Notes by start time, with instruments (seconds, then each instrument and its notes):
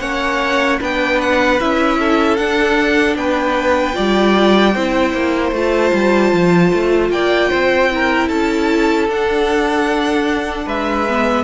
0.00 cello A#3, viola C#4, violin C#5 F#5
0.80 cello B3, viola D4, violin B4 G5
1.21 violin F#5
1.60 cello C#4, viola E4, violin E5
1.99 violin A4
2.37 viola D4, cello D4, violin F#5
3.15 cello B3, violin B4 G5
3.94 cello G3, viola F4, violin D5
4.74 cello C4, viola E4, violin C5
5.13 cello A#3
5.52 cello A3, viola F4, violin A5
5.93 cello G3
6.33 cello F3
6.73 cello A3
7.10 cello A#3, violin D5 G5
7.50 cello C4, violin C5
7.92 viola E4, violin A#4
8.28 cello C#4, violin A4 A5
9.08 cello D4, viola D4, violin F#5
10.66 cello G#3, violin B4 E5
11.09 viola B3